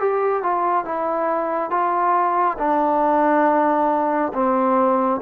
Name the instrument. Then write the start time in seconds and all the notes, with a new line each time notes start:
trombone
0.00 G4
0.43 F4
0.85 E4
1.71 F4
2.59 D4
4.34 C4